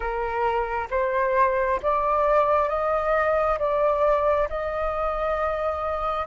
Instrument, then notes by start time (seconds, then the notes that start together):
flute
0.00 A#4
0.90 C5
1.82 D5
2.68 D#5
3.58 D5
4.49 D#5